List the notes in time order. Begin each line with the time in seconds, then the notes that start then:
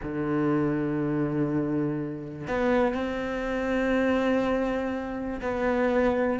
0.02 D3
2.47 B3
2.94 C4
5.41 B3